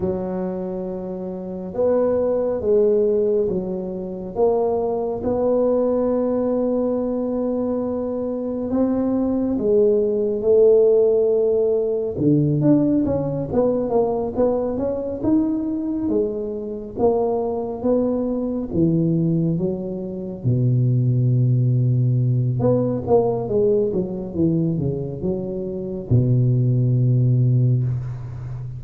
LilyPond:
\new Staff \with { instrumentName = "tuba" } { \time 4/4 \tempo 4 = 69 fis2 b4 gis4 | fis4 ais4 b2~ | b2 c'4 gis4 | a2 d8 d'8 cis'8 b8 |
ais8 b8 cis'8 dis'4 gis4 ais8~ | ais8 b4 e4 fis4 b,8~ | b,2 b8 ais8 gis8 fis8 | e8 cis8 fis4 b,2 | }